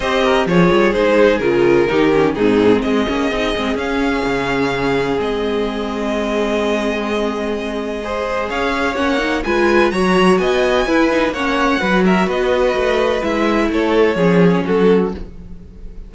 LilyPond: <<
  \new Staff \with { instrumentName = "violin" } { \time 4/4 \tempo 4 = 127 dis''4 cis''4 c''4 ais'4~ | ais'4 gis'4 dis''2 | f''2. dis''4~ | dis''1~ |
dis''2 f''4 fis''4 | gis''4 ais''4 gis''2 | fis''4. e''8 dis''2 | e''4 cis''2 a'4 | }
  \new Staff \with { instrumentName = "violin" } { \time 4/4 c''8 ais'8 gis'2. | g'4 dis'4 gis'2~ | gis'1~ | gis'1~ |
gis'4 c''4 cis''2 | b'4 cis''4 dis''4 b'4 | cis''4 b'8 ais'8 b'2~ | b'4 a'4 gis'4 fis'4 | }
  \new Staff \with { instrumentName = "viola" } { \time 4/4 g'4 f'4 dis'4 f'4 | dis'8 cis'8 c'4. cis'8 dis'8 c'8 | cis'2. c'4~ | c'1~ |
c'4 gis'2 cis'8 dis'8 | f'4 fis'2 e'8 dis'8 | cis'4 fis'2. | e'2 cis'2 | }
  \new Staff \with { instrumentName = "cello" } { \time 4/4 c'4 f8 g8 gis4 cis4 | dis4 gis,4 gis8 ais8 c'8 gis8 | cis'4 cis2 gis4~ | gis1~ |
gis2 cis'4 ais4 | gis4 fis4 b4 e'4 | ais4 fis4 b4 a4 | gis4 a4 f4 fis4 | }
>>